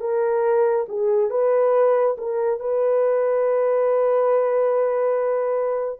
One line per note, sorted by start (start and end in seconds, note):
0.00 0.86 A#4
0.88 1.30 G#4
1.30 2.16 B4
2.18 2.60 A#4
2.60 5.99 B4